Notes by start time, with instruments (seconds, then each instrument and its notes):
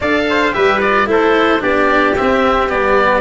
0.00 tuba D4, cello A4, trumpet D5, oboe F5
0.29 trumpet C5
0.52 tuba G3, cello G4, trumpet B4, oboe E5
0.81 cello F4, oboe D5
1.06 tuba A3, cello E4, trumpet A4, oboe C5
1.59 tuba B3, cello D4, trumpet G4, oboe D5
2.16 cello C4, tuba C4, oboe E5
2.68 tuba G3, cello B3, oboe D5